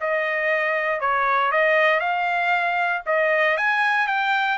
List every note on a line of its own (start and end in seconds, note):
0.00 1.00 D#5
1.00 1.52 C#5
1.52 2.00 D#5
2.00 3.02 F5
3.06 3.57 D#5
3.57 4.07 G#5
4.07 4.58 G5